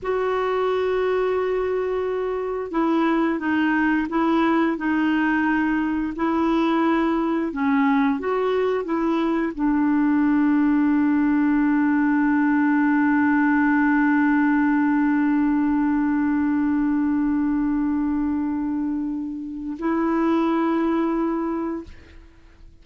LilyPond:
\new Staff \with { instrumentName = "clarinet" } { \time 4/4 \tempo 4 = 88 fis'1 | e'4 dis'4 e'4 dis'4~ | dis'4 e'2 cis'4 | fis'4 e'4 d'2~ |
d'1~ | d'1~ | d'1~ | d'4 e'2. | }